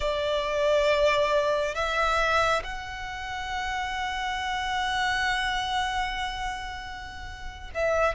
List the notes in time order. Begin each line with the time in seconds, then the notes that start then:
0.00 D5
1.74 E5
2.63 F#5
7.74 E5